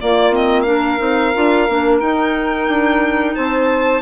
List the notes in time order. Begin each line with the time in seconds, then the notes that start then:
0.00 A#3 F4 D5
0.32 C4 D#5
0.62 D4 A#4 F5
0.98 C4 D#4
1.35 D4 F4
1.69 A#3 D4
2.00 D#4 G5
2.68 D4
3.35 C4 C5 A5